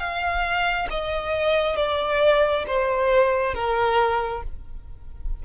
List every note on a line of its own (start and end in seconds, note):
0.00 0.88 F5
0.90 1.76 D#5
1.76 2.65 D5
2.67 3.55 C5
3.55 4.43 A#4